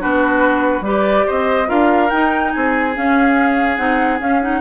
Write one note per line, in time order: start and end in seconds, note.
0.00 0.81 B3
0.00 0.84 D4
0.00 0.85 F#4
0.00 0.85 B4
0.81 1.23 G3
0.81 1.67 G4
0.81 1.26 B4
0.87 1.29 D5
1.26 1.70 C4
1.26 1.68 C5
1.26 1.69 D#5
1.67 2.11 D4
1.67 2.09 F4
1.67 2.52 A#4
1.67 2.10 F5
2.10 2.53 D#4
2.10 2.95 D#4
2.10 2.52 G5
2.52 2.97 C4
2.52 4.61 G#4
2.52 2.94 G#5
2.95 3.78 C#4
2.95 3.77 F5
3.77 4.20 C4
3.77 4.20 D#4
3.77 4.19 F#5
4.20 4.61 C#4
4.20 4.42 C#4
4.20 4.42 F5
4.42 4.61 D#4
4.42 4.61 F#5